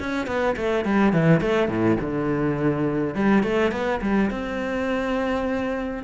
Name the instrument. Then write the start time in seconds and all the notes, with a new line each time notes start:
cello
0.00 C#4
0.27 B3
0.57 A3
0.85 G3
1.13 E3
1.41 A3
1.69 A2
2.01 D3
3.15 G3
3.44 A3
3.72 B3
4.02 G3
4.31 C4